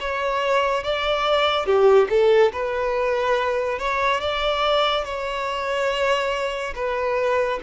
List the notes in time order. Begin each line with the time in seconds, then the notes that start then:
0.00 C#5
0.83 D5
1.66 G4
2.09 A4
2.52 B4
3.78 C#5
4.20 D5
5.05 C#5
6.75 B4